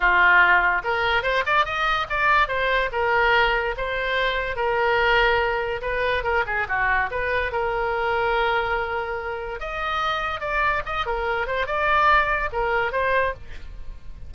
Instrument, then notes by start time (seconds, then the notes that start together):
oboe
0.00 F4
0.84 A#4
1.22 C5
1.46 D5
1.65 D#5
2.09 D5
2.48 C5
2.91 A#4
3.77 C5
4.56 A#4
5.81 B4
6.23 A#4
6.46 G#4
6.68 F#4
7.10 B4
7.52 A#4
9.59 D#5
10.40 D5
10.85 D#5
11.06 A#4
11.47 C5
11.66 D5
12.52 A#4
12.92 C5